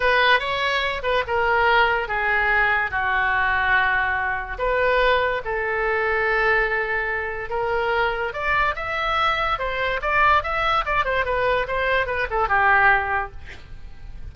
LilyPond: \new Staff \with { instrumentName = "oboe" } { \time 4/4 \tempo 4 = 144 b'4 cis''4. b'8 ais'4~ | ais'4 gis'2 fis'4~ | fis'2. b'4~ | b'4 a'2.~ |
a'2 ais'2 | d''4 e''2 c''4 | d''4 e''4 d''8 c''8 b'4 | c''4 b'8 a'8 g'2 | }